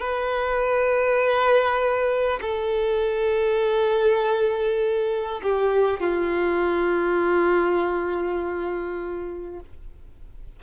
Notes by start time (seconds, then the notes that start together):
0.00 B4
2.41 A4
5.43 G4
6.00 F4